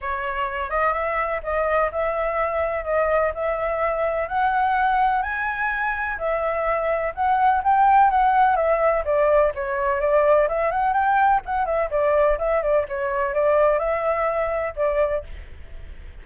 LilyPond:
\new Staff \with { instrumentName = "flute" } { \time 4/4 \tempo 4 = 126 cis''4. dis''8 e''4 dis''4 | e''2 dis''4 e''4~ | e''4 fis''2 gis''4~ | gis''4 e''2 fis''4 |
g''4 fis''4 e''4 d''4 | cis''4 d''4 e''8 fis''8 g''4 | fis''8 e''8 d''4 e''8 d''8 cis''4 | d''4 e''2 d''4 | }